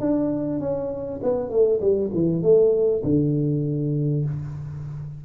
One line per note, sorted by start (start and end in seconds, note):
0.00 0.60 D4
0.60 1.20 C#4
1.23 1.49 B3
1.49 1.80 A3
1.80 2.10 G3
2.14 2.42 E3
2.42 3.03 A3
3.04 4.25 D3